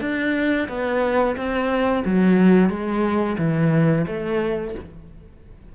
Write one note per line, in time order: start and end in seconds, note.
0.00 0.67 D4
0.68 1.36 B3
1.36 2.03 C4
2.05 2.69 F#3
2.69 3.37 G#3
3.38 4.05 E3
4.07 4.74 A3